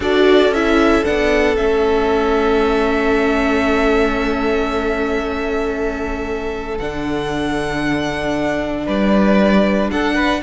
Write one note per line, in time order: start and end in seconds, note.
0.00 0.49 D4
0.00 0.53 F#4
0.00 8.84 A4
0.00 0.53 D5
0.49 1.01 C#4
0.49 1.04 E4
0.49 1.04 E5
1.04 1.57 B3
1.04 1.56 D4
1.04 1.56 F#5
1.56 6.79 A3
1.56 6.78 C#4
1.56 6.78 E5
6.78 8.87 D3
6.78 10.42 D4
6.78 8.87 F#5
8.86 9.92 G3
8.86 9.90 B4
8.86 9.90 D5
9.90 10.42 D4
9.90 10.14 A4
9.90 10.42 F#5
10.14 10.40 B4